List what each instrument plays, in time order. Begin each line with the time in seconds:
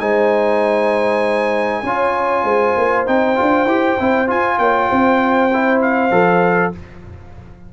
0.00 tuba G#3, trombone D#4, horn C5, trumpet G#5
1.83 tuba C#4, trombone F4, horn C#5
2.44 tuba G#3, horn C5
2.77 tuba A#3
3.07 tuba C4, trombone D#4, trumpet G5
3.36 tuba D4, trombone F4
3.66 tuba E4, trombone G4
4.00 tuba C4, trombone E4
4.27 trombone F4, tuba F4, trumpet G#5
4.58 tuba A#3, horn C#5, trumpet G5
4.90 tuba C4, horn C5
5.53 trombone E4
5.82 trumpet F5
6.11 tuba F3, trombone A4